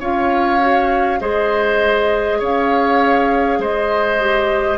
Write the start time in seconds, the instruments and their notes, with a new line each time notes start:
0.00 bassoon C#4, clarinet F4, oboe C#5, flute F5
0.60 clarinet F#4
1.21 bassoon G#3, clarinet G#4, oboe C5, flute D#5
2.39 bassoon C#4, oboe C#5, flute F5
3.59 bassoon G#3, oboe C5, flute D#5
4.20 clarinet G4